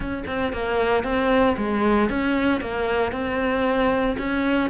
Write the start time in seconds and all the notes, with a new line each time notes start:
0.00 C#4
0.26 C4
0.52 A#3
1.03 C4
1.57 G#3
2.09 C#4
2.60 A#3
3.12 C4
4.17 C#4